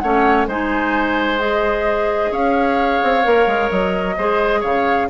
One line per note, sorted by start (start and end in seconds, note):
0.00 0.47 A3
0.00 0.49 C#4
0.00 0.48 C#5
0.00 0.46 F#5
0.47 2.32 G#3
0.47 1.39 D#4
0.47 2.32 C5
0.47 1.40 G#5
1.39 3.24 G#4
1.39 2.32 D#5
2.32 3.01 C#4
2.32 4.16 C#5
2.32 3.70 F5
3.04 3.26 C4
3.24 3.47 A#3
3.24 4.16 A#4
3.47 3.70 G#3
3.70 4.18 F#3
3.70 4.62 D#5
4.18 4.65 G#3
4.18 5.10 G#4
4.18 4.61 C5
4.61 5.10 C#3
4.61 5.07 C#5
4.61 5.10 F5